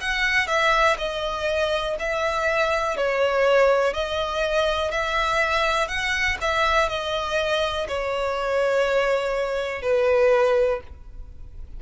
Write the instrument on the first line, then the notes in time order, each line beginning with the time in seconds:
violin
0.00 F#5
0.46 E5
0.98 D#5
1.99 E5
2.96 C#5
3.93 D#5
4.91 E5
5.87 F#5
6.41 E5
6.89 D#5
7.87 C#5
9.82 B4